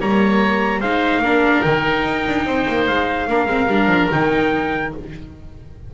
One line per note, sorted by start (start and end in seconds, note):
0.00 0.81 G3
0.00 0.82 A#3
0.00 0.81 C#5
0.00 0.81 A#5
0.81 1.19 G#3
0.81 1.24 D#4
0.81 1.22 C5
0.81 1.62 F5
1.19 1.60 A#3
1.19 1.65 D4
1.19 2.46 A#4
1.62 2.04 D#3
1.62 3.29 D#4
1.62 2.86 G5
2.04 2.25 D#4
2.28 2.45 D4
2.45 2.66 C4
2.45 3.29 C5
2.68 2.89 A#3
2.87 3.28 G#3
2.87 4.10 F5
3.28 3.46 A#3
3.28 3.48 D4
3.28 4.94 A#4
3.46 3.66 G#3
3.46 3.68 C4
3.66 3.86 G3
3.66 4.11 D4
3.86 4.07 F3
4.11 4.94 D#3
4.11 4.93 D#4
4.11 4.94 G5